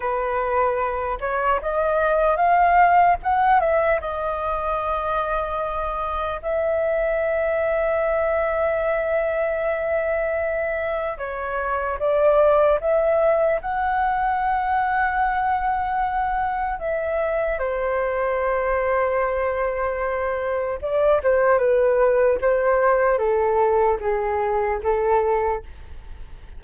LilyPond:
\new Staff \with { instrumentName = "flute" } { \time 4/4 \tempo 4 = 75 b'4. cis''8 dis''4 f''4 | fis''8 e''8 dis''2. | e''1~ | e''2 cis''4 d''4 |
e''4 fis''2.~ | fis''4 e''4 c''2~ | c''2 d''8 c''8 b'4 | c''4 a'4 gis'4 a'4 | }